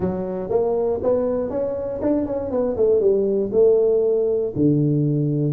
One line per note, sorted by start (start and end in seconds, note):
0.00 0.49 F#3
0.49 1.00 A#3
1.02 1.50 B3
1.50 2.00 C#4
2.01 2.26 D4
2.26 2.50 C#4
2.50 2.76 B3
2.76 3.00 A3
3.00 3.50 G3
3.52 4.53 A3
4.55 5.53 D3